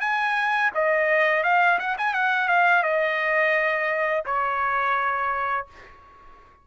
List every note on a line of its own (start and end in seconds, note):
0.00 0.71 G#5
0.74 1.43 D#5
1.43 1.79 F5
1.79 1.97 F#5
1.98 2.14 G#5
2.14 2.48 F#5
2.48 2.83 F5
2.83 4.24 D#5
4.25 5.67 C#5